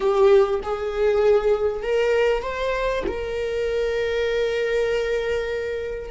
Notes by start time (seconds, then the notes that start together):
0.00 G4
0.63 G#4
1.83 A#4
2.42 C5
3.07 A#4